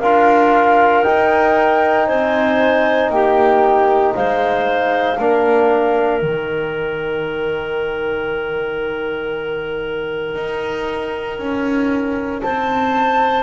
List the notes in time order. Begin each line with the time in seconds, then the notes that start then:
0.00 D4 F4 A#4 F5
1.03 D#4 G5
2.07 C4 C5 G#5
3.10 A#3 G4 G5
4.15 G#3 C5 F5
5.19 A#3 D4 A#4
6.22 D#3 D#4 G5
10.36 D#4
11.39 C#4
12.42 C4 C5 A5